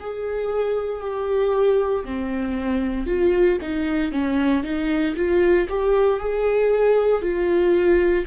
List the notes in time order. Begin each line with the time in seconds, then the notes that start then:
0.00 G#4
1.01 G4
2.05 C4
3.07 F4
3.62 D#4
4.12 C#4
4.64 D#4
5.16 F4
5.69 G4
6.20 G#4
7.22 F4